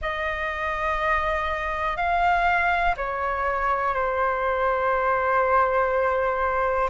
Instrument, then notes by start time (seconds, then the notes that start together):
flute
0.01 D#5
1.97 F5
2.96 C#5
3.94 C5